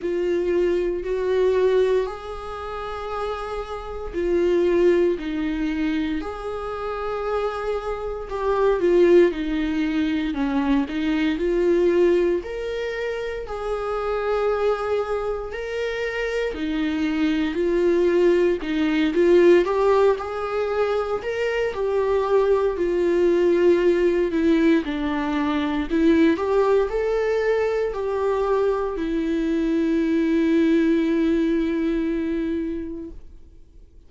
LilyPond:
\new Staff \with { instrumentName = "viola" } { \time 4/4 \tempo 4 = 58 f'4 fis'4 gis'2 | f'4 dis'4 gis'2 | g'8 f'8 dis'4 cis'8 dis'8 f'4 | ais'4 gis'2 ais'4 |
dis'4 f'4 dis'8 f'8 g'8 gis'8~ | gis'8 ais'8 g'4 f'4. e'8 | d'4 e'8 g'8 a'4 g'4 | e'1 | }